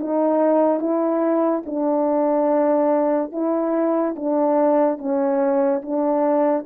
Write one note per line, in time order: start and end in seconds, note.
0.00 0.80 D#4
0.80 1.63 E4
1.66 3.32 D4
3.32 4.16 E4
4.16 4.98 D4
4.98 5.82 C#4
5.82 6.66 D4